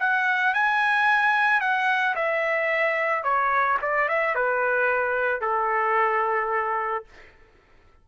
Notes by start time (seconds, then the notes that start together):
0.00 F#5
0.54 G#5
1.60 F#5
2.15 E5
3.23 C#5
3.82 D5
4.08 E5
4.35 B4
5.41 A4